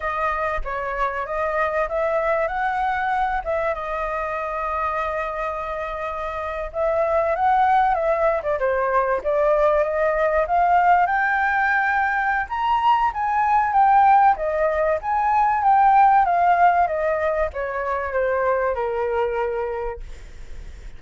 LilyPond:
\new Staff \with { instrumentName = "flute" } { \time 4/4 \tempo 4 = 96 dis''4 cis''4 dis''4 e''4 | fis''4. e''8 dis''2~ | dis''2~ dis''8. e''4 fis''16~ | fis''8. e''8. d''16 c''4 d''4 dis''16~ |
dis''8. f''4 g''2~ g''16 | ais''4 gis''4 g''4 dis''4 | gis''4 g''4 f''4 dis''4 | cis''4 c''4 ais'2 | }